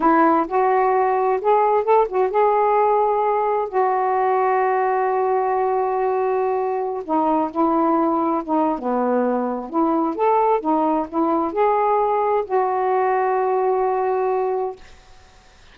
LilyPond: \new Staff \with { instrumentName = "saxophone" } { \time 4/4 \tempo 4 = 130 e'4 fis'2 gis'4 | a'8 fis'8 gis'2. | fis'1~ | fis'2.~ fis'16 dis'8.~ |
dis'16 e'2 dis'8. b4~ | b4 e'4 a'4 dis'4 | e'4 gis'2 fis'4~ | fis'1 | }